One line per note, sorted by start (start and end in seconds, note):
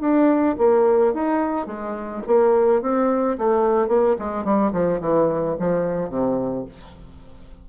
0.00 0.56 D4
0.58 1.13 A#3
1.14 1.66 D#4
1.66 2.22 G#3
2.26 2.81 A#3
2.81 3.37 C4
3.38 3.88 A3
3.88 4.15 A#3
4.18 4.44 G#3
4.44 4.72 G3
4.72 5.00 F3
5.00 5.56 E3
5.59 6.09 F3
6.09 6.64 C3